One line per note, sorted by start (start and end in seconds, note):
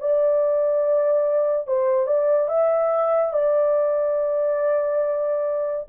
0.00 1.67 D5
1.67 2.07 C5
2.07 2.49 D5
2.49 3.33 E5
3.33 5.87 D5